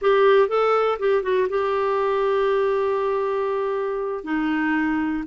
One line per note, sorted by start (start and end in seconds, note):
0.01 0.48 G4
0.48 0.98 A4
0.99 1.22 G4
1.22 1.47 F#4
1.49 4.23 G4
4.23 5.23 D#4